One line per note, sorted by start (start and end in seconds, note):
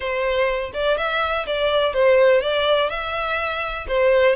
0.00 0.71 C5
0.73 0.97 D5
0.97 1.45 E5
1.46 1.93 D5
1.93 2.41 C5
2.41 2.89 D5
2.89 3.86 E5
3.88 4.35 C5